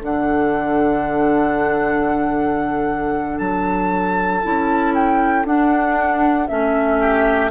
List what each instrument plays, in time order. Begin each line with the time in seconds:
0.00 bassoon D3, clarinet D4, oboe A4, flute F#5
3.38 bassoon F#3, flute A5
4.43 bassoon C#4, clarinet E4
4.94 flute G5
5.45 bassoon D4, clarinet D4, flute F#5
6.47 bassoon A3, clarinet C#4, flute E5
7.00 oboe G4